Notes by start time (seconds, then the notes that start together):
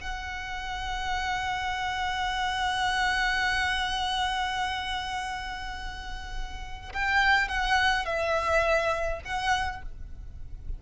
0.00 F#5
6.93 G5
7.48 F#5
8.05 E5
9.24 F#5